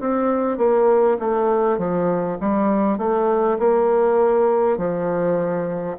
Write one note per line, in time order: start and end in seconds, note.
0.00 0.58 C4
0.58 1.18 A#3
1.19 1.78 A3
1.78 2.38 F3
2.41 2.98 G3
2.98 3.58 A3
3.59 4.78 A#3
4.78 5.98 F3